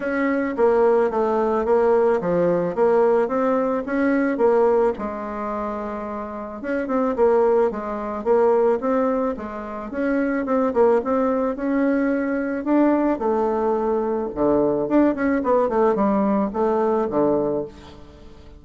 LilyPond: \new Staff \with { instrumentName = "bassoon" } { \time 4/4 \tempo 4 = 109 cis'4 ais4 a4 ais4 | f4 ais4 c'4 cis'4 | ais4 gis2. | cis'8 c'8 ais4 gis4 ais4 |
c'4 gis4 cis'4 c'8 ais8 | c'4 cis'2 d'4 | a2 d4 d'8 cis'8 | b8 a8 g4 a4 d4 | }